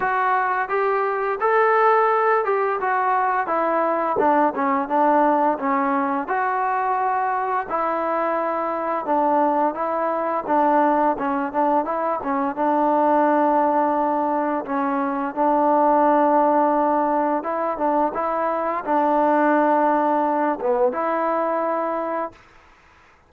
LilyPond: \new Staff \with { instrumentName = "trombone" } { \time 4/4 \tempo 4 = 86 fis'4 g'4 a'4. g'8 | fis'4 e'4 d'8 cis'8 d'4 | cis'4 fis'2 e'4~ | e'4 d'4 e'4 d'4 |
cis'8 d'8 e'8 cis'8 d'2~ | d'4 cis'4 d'2~ | d'4 e'8 d'8 e'4 d'4~ | d'4. b8 e'2 | }